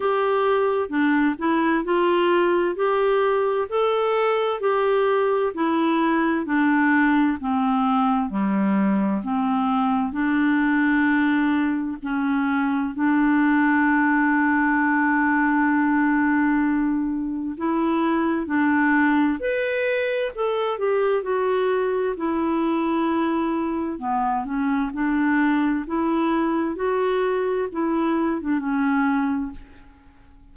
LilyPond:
\new Staff \with { instrumentName = "clarinet" } { \time 4/4 \tempo 4 = 65 g'4 d'8 e'8 f'4 g'4 | a'4 g'4 e'4 d'4 | c'4 g4 c'4 d'4~ | d'4 cis'4 d'2~ |
d'2. e'4 | d'4 b'4 a'8 g'8 fis'4 | e'2 b8 cis'8 d'4 | e'4 fis'4 e'8. d'16 cis'4 | }